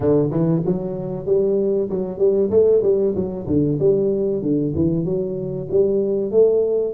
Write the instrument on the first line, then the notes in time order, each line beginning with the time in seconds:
tuba
0.00 D3
0.30 E3
0.65 F#3
1.26 G3
1.89 F#3
2.18 G3
2.50 A3
2.82 G3
3.15 F#3
3.47 D3
3.79 G3
4.42 D3
4.75 E3
5.04 F#3
5.70 G3
6.31 A3